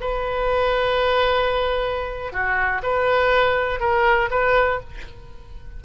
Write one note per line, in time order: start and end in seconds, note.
0.00 2.32 B4
2.32 2.82 F#4
2.83 3.80 B4
3.80 4.30 A#4
4.30 4.80 B4